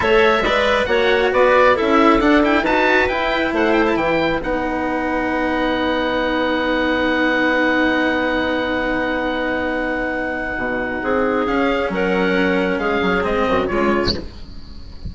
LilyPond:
<<
  \new Staff \with { instrumentName = "oboe" } { \time 4/4 \tempo 4 = 136 e''2 fis''4 d''4 | e''4 fis''8 g''8 a''4 g''4 | fis''8 g''16 a''16 g''4 fis''2~ | fis''1~ |
fis''1~ | fis''1~ | fis''2 f''4 fis''4~ | fis''4 f''4 dis''4 cis''4 | }
  \new Staff \with { instrumentName = "clarinet" } { \time 4/4 cis''4 d''4 cis''4 b'4 | a'2 b'2 | c''4 b'2.~ | b'1~ |
b'1~ | b'1~ | b'4 gis'2 ais'4~ | ais'4 gis'4. fis'8 f'4 | }
  \new Staff \with { instrumentName = "cello" } { \time 4/4 a'4 b'4 fis'2 | e'4 d'8 e'8 fis'4 e'4~ | e'2 dis'2~ | dis'1~ |
dis'1~ | dis'1~ | dis'2 cis'2~ | cis'2 c'4 gis4 | }
  \new Staff \with { instrumentName = "bassoon" } { \time 4/4 a4 gis4 ais4 b4 | cis'4 d'4 dis'4 e'4 | a4 e4 b2~ | b1~ |
b1~ | b1 | b,4 c'4 cis'4 fis4~ | fis4 gis8 fis8 gis8 fis,8 cis4 | }
>>